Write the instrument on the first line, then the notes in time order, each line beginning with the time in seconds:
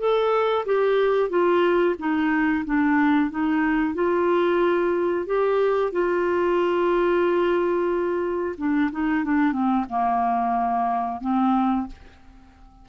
clarinet
0.00 A4
0.66 G4
1.30 F4
1.99 D#4
2.66 D4
3.31 D#4
3.95 F4
5.27 G4
5.93 F4
8.58 D4
8.92 D#4
9.25 D4
9.53 C4
9.90 A#3
11.21 C4